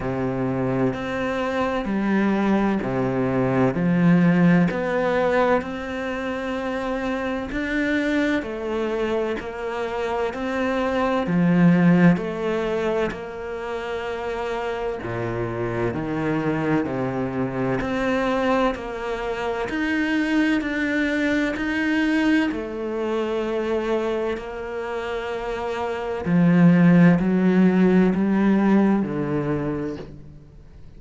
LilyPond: \new Staff \with { instrumentName = "cello" } { \time 4/4 \tempo 4 = 64 c4 c'4 g4 c4 | f4 b4 c'2 | d'4 a4 ais4 c'4 | f4 a4 ais2 |
ais,4 dis4 c4 c'4 | ais4 dis'4 d'4 dis'4 | a2 ais2 | f4 fis4 g4 d4 | }